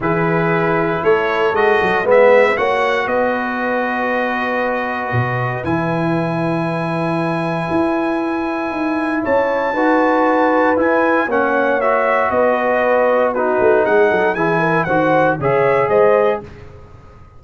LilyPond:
<<
  \new Staff \with { instrumentName = "trumpet" } { \time 4/4 \tempo 4 = 117 b'2 cis''4 dis''4 | e''4 fis''4 dis''2~ | dis''2. gis''4~ | gis''1~ |
gis''2 a''2~ | a''4 gis''4 fis''4 e''4 | dis''2 b'4 fis''4 | gis''4 fis''4 e''4 dis''4 | }
  \new Staff \with { instrumentName = "horn" } { \time 4/4 gis'2 a'2 | b'4 cis''4 b'2~ | b'1~ | b'1~ |
b'2 cis''4 b'4~ | b'2 cis''2 | b'2 fis'4 gis'8 a'8 | gis'8 ais'8 c''4 cis''4 c''4 | }
  \new Staff \with { instrumentName = "trombone" } { \time 4/4 e'2. fis'4 | b4 fis'2.~ | fis'2. e'4~ | e'1~ |
e'2. fis'4~ | fis'4 e'4 cis'4 fis'4~ | fis'2 dis'2 | e'4 fis'4 gis'2 | }
  \new Staff \with { instrumentName = "tuba" } { \time 4/4 e2 a4 gis8 fis8 | gis4 ais4 b2~ | b2 b,4 e4~ | e2. e'4~ |
e'4 dis'4 cis'4 dis'4~ | dis'4 e'4 ais2 | b2~ b8 a8 gis8 fis8 | e4 dis4 cis4 gis4 | }
>>